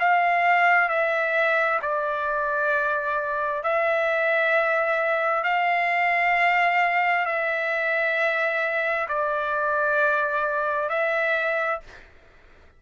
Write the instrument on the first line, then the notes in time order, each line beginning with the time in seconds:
trumpet
0.00 F5
0.89 E5
1.82 D5
3.64 E5
5.44 F5
7.26 E5
9.09 D5
10.90 E5